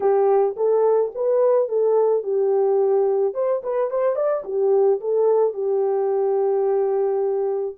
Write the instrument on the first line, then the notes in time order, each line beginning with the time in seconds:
horn
0.00 G4
0.56 A4
1.14 B4
1.68 A4
2.23 G4
3.34 C5
3.63 B4
3.90 C5
4.15 D5
4.44 G4
5.00 A4
5.53 G4